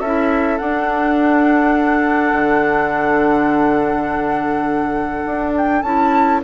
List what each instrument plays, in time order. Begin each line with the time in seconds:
0.00 bassoon C#4, clarinet E4, oboe A4, flute E5
0.58 clarinet D4, bassoon D4, flute F#5
2.33 bassoon D3
5.25 bassoon D4
5.57 flute G5
5.82 bassoon C#4, clarinet E4, flute A5